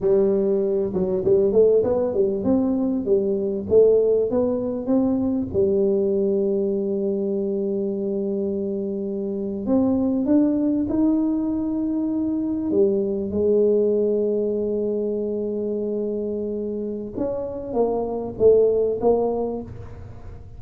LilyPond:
\new Staff \with { instrumentName = "tuba" } { \time 4/4 \tempo 4 = 98 g4. fis8 g8 a8 b8 g8 | c'4 g4 a4 b4 | c'4 g2.~ | g2.~ g8. c'16~ |
c'8. d'4 dis'2~ dis'16~ | dis'8. g4 gis2~ gis16~ | gis1 | cis'4 ais4 a4 ais4 | }